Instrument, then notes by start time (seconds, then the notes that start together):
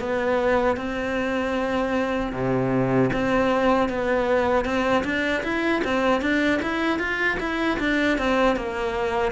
cello
0.00 B3
0.77 C4
2.33 C3
3.13 C4
3.89 B3
4.65 C4
5.04 D4
5.43 E4
5.84 C4
6.22 D4
6.62 E4
6.99 F4
7.40 E4
7.79 D4
8.18 C4
8.56 A#3